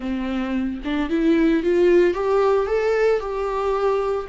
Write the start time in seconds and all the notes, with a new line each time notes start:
0.00 C4
0.84 D4
1.09 E4
1.63 F4
2.14 G4
2.66 A4
3.19 G4